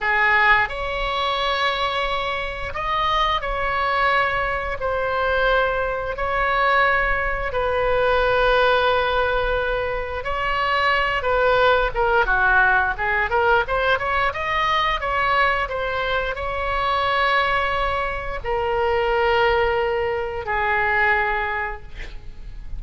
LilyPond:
\new Staff \with { instrumentName = "oboe" } { \time 4/4 \tempo 4 = 88 gis'4 cis''2. | dis''4 cis''2 c''4~ | c''4 cis''2 b'4~ | b'2. cis''4~ |
cis''8 b'4 ais'8 fis'4 gis'8 ais'8 | c''8 cis''8 dis''4 cis''4 c''4 | cis''2. ais'4~ | ais'2 gis'2 | }